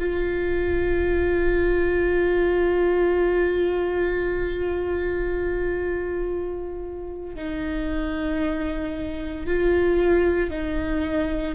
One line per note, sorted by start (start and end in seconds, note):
0.00 7.36 F4
7.36 9.46 D#4
9.46 10.51 F4
10.51 11.56 D#4